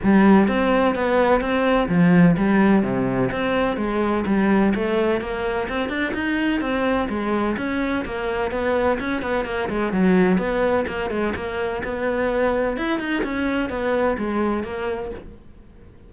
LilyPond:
\new Staff \with { instrumentName = "cello" } { \time 4/4 \tempo 4 = 127 g4 c'4 b4 c'4 | f4 g4 c4 c'4 | gis4 g4 a4 ais4 | c'8 d'8 dis'4 c'4 gis4 |
cis'4 ais4 b4 cis'8 b8 | ais8 gis8 fis4 b4 ais8 gis8 | ais4 b2 e'8 dis'8 | cis'4 b4 gis4 ais4 | }